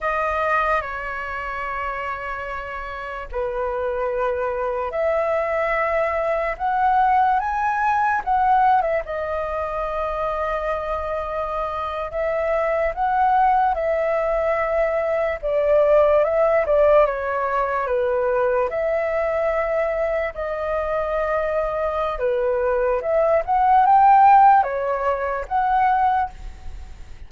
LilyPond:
\new Staff \with { instrumentName = "flute" } { \time 4/4 \tempo 4 = 73 dis''4 cis''2. | b'2 e''2 | fis''4 gis''4 fis''8. e''16 dis''4~ | dis''2~ dis''8. e''4 fis''16~ |
fis''8. e''2 d''4 e''16~ | e''16 d''8 cis''4 b'4 e''4~ e''16~ | e''8. dis''2~ dis''16 b'4 | e''8 fis''8 g''4 cis''4 fis''4 | }